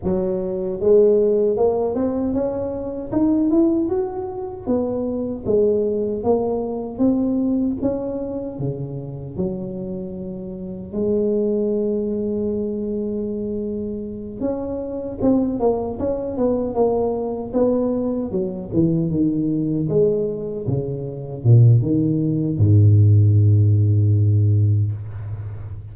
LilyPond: \new Staff \with { instrumentName = "tuba" } { \time 4/4 \tempo 4 = 77 fis4 gis4 ais8 c'8 cis'4 | dis'8 e'8 fis'4 b4 gis4 | ais4 c'4 cis'4 cis4 | fis2 gis2~ |
gis2~ gis8 cis'4 c'8 | ais8 cis'8 b8 ais4 b4 fis8 | e8 dis4 gis4 cis4 ais,8 | dis4 gis,2. | }